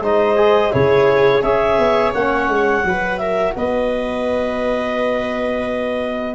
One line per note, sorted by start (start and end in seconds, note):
0.00 0.71 G#3
0.00 0.36 D#4
0.00 0.73 C5
0.00 0.73 D#5
0.36 0.71 G#4
0.71 1.43 C#3
0.71 1.42 E4
0.71 1.43 G#4
0.71 1.42 C#5
1.42 1.78 C#4
1.42 2.15 G#4
1.42 2.85 C#5
1.42 2.13 E5
1.78 2.14 B3
2.14 2.48 A#3
2.14 2.83 C#4
2.14 3.18 F#5
2.48 2.84 G#3
2.83 3.55 F#3
2.83 6.35 F#4
2.83 3.20 B4
3.18 3.56 A#4
3.18 3.53 E5
3.56 6.35 B3
3.56 6.35 B4
3.56 6.35 D#5